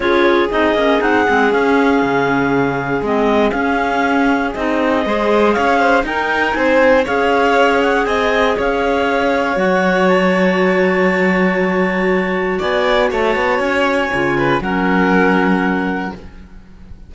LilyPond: <<
  \new Staff \with { instrumentName = "clarinet" } { \time 4/4 \tempo 4 = 119 cis''4 dis''4 fis''4 f''4~ | f''2 dis''4 f''4~ | f''4 dis''2 f''4 | g''4 gis''4 f''4. fis''8 |
gis''4 f''2 fis''4 | a''1~ | a''4 gis''4 a''4 gis''4~ | gis''4 fis''2. | }
  \new Staff \with { instrumentName = "violin" } { \time 4/4 gis'1~ | gis'1~ | gis'2 c''4 cis''8 c''8 | ais'4 c''4 cis''2 |
dis''4 cis''2.~ | cis''1~ | cis''4 d''4 cis''2~ | cis''8 b'8 ais'2. | }
  \new Staff \with { instrumentName = "clarinet" } { \time 4/4 f'4 dis'8 cis'8 dis'8 c'8 cis'4~ | cis'2 c'4 cis'4~ | cis'4 dis'4 gis'2 | dis'2 gis'2~ |
gis'2. fis'4~ | fis'1~ | fis'1 | f'4 cis'2. | }
  \new Staff \with { instrumentName = "cello" } { \time 4/4 cis'4 c'8 ais8 c'8 gis8 cis'4 | cis2 gis4 cis'4~ | cis'4 c'4 gis4 cis'4 | dis'4 c'4 cis'2 |
c'4 cis'2 fis4~ | fis1~ | fis4 b4 a8 b8 cis'4 | cis4 fis2. | }
>>